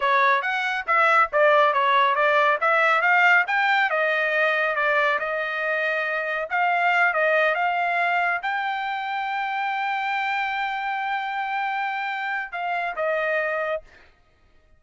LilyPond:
\new Staff \with { instrumentName = "trumpet" } { \time 4/4 \tempo 4 = 139 cis''4 fis''4 e''4 d''4 | cis''4 d''4 e''4 f''4 | g''4 dis''2 d''4 | dis''2. f''4~ |
f''8 dis''4 f''2 g''8~ | g''1~ | g''1~ | g''4 f''4 dis''2 | }